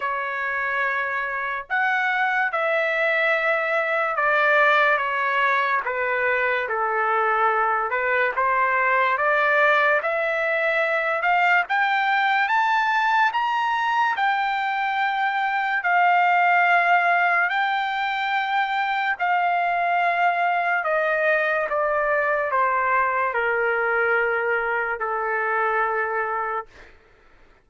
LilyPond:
\new Staff \with { instrumentName = "trumpet" } { \time 4/4 \tempo 4 = 72 cis''2 fis''4 e''4~ | e''4 d''4 cis''4 b'4 | a'4. b'8 c''4 d''4 | e''4. f''8 g''4 a''4 |
ais''4 g''2 f''4~ | f''4 g''2 f''4~ | f''4 dis''4 d''4 c''4 | ais'2 a'2 | }